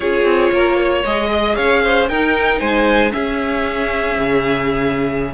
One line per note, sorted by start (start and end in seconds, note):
0.00 0.24 C#4
0.00 1.05 F4
0.00 0.52 G#4
0.00 1.03 C#5
0.24 0.50 C4
0.51 1.04 A#3
0.51 0.76 A#4
0.76 1.28 C#5
1.05 1.57 G#3
1.05 2.09 G#4
1.05 1.55 D#5
1.30 1.55 D#5
1.55 2.09 C#4
1.55 1.81 C#5
1.55 2.07 F5
1.83 2.09 C5
2.08 2.61 D#4
2.08 3.10 D#4
2.08 2.59 A#4
2.08 2.59 G5
2.59 3.13 G#3
2.59 3.12 C5
2.59 3.11 G#5
3.10 5.32 C#4
3.10 4.18 C#4
3.10 5.34 G#4
3.10 5.34 E5
4.18 5.34 C#3